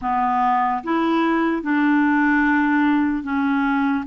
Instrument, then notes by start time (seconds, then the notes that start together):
clarinet
0.01 B3
0.83 E4
1.62 D4
3.23 C#4